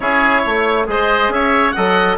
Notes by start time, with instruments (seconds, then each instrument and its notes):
0.00 bassoon C#4, trombone E4, oboe G#4 C#5
0.42 bassoon A3, oboe C#5
0.86 bassoon G#3, trombone G#4, oboe C5 D#5
1.28 bassoon C#4, oboe C#5 E5
1.71 bassoon F#3, trombone A4, oboe D#5 F#5